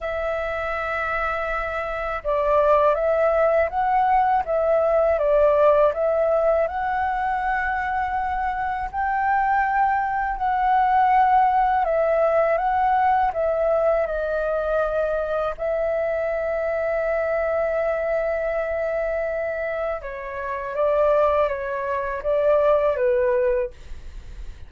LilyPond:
\new Staff \with { instrumentName = "flute" } { \time 4/4 \tempo 4 = 81 e''2. d''4 | e''4 fis''4 e''4 d''4 | e''4 fis''2. | g''2 fis''2 |
e''4 fis''4 e''4 dis''4~ | dis''4 e''2.~ | e''2. cis''4 | d''4 cis''4 d''4 b'4 | }